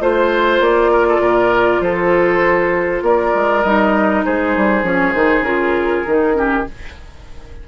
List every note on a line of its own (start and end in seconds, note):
0.00 0.60 A3
0.00 3.64 F4
0.00 0.61 C5
0.00 0.91 C5
0.60 1.19 A#3
0.60 1.81 D5
0.91 1.06 A#4
1.09 1.21 A4
1.19 1.80 A#2
1.19 1.81 A#4
1.80 3.02 F3
1.80 3.04 A4
1.80 3.03 C5
3.02 3.32 A#3
3.02 4.25 A#4
3.02 3.63 D5
3.34 3.64 G#3
3.63 4.25 G3
3.63 4.83 D#4
3.63 4.23 D#5
4.25 4.56 G#3
4.25 6.37 G#4
4.25 4.85 C5
4.56 4.82 G3
4.82 5.13 F3
4.82 5.14 C#4
4.82 5.13 C#5
5.13 5.41 D#3
5.13 5.45 D#4
5.13 5.43 C5
5.41 6.01 C#3
5.41 6.05 F4
5.41 6.64 A#4
6.06 6.67 D#3
6.06 6.33 D#4
6.33 6.64 C#4
6.33 6.68 G4